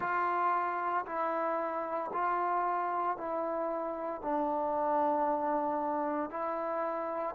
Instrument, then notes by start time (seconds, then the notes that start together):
trombone
0.00 F4
1.05 E4
2.13 F4
3.17 E4
4.21 D4
6.30 E4